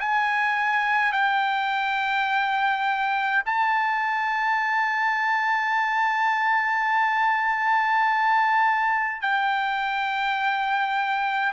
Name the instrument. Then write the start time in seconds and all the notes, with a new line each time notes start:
trumpet
0.00 G#5
1.13 G5
3.46 A5
9.22 G5